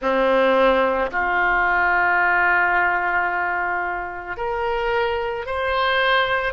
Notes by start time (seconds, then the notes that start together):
0.01 C4
1.11 F4
4.36 A#4
5.45 C5